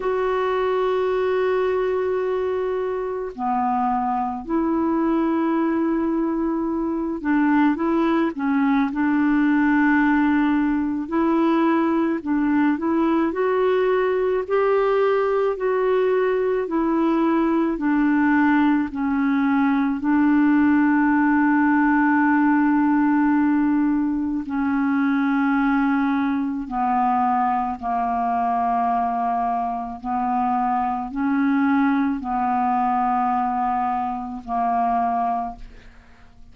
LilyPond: \new Staff \with { instrumentName = "clarinet" } { \time 4/4 \tempo 4 = 54 fis'2. b4 | e'2~ e'8 d'8 e'8 cis'8 | d'2 e'4 d'8 e'8 | fis'4 g'4 fis'4 e'4 |
d'4 cis'4 d'2~ | d'2 cis'2 | b4 ais2 b4 | cis'4 b2 ais4 | }